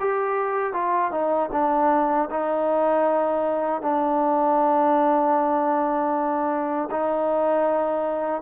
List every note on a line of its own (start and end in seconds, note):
0.00 0.73 G4
0.73 1.12 F4
1.12 1.50 D#4
1.52 2.29 D4
2.31 3.82 D#4
3.82 6.90 D4
6.91 8.42 D#4